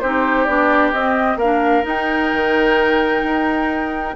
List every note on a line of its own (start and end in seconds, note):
0.00 0.47 C4
0.00 0.48 D#4
0.00 1.38 G4
0.00 0.45 C5
0.45 0.93 B3
0.45 0.94 D4
0.45 0.91 D5
0.92 1.36 C4
0.92 1.40 C4
0.92 1.38 D#5
1.36 1.82 A#3
1.36 4.15 A#4
1.36 1.85 F5
1.43 1.83 D4
1.83 4.14 D#4
1.83 2.33 D#4
1.83 4.16 G5
2.33 3.23 D#3
3.23 4.15 D#4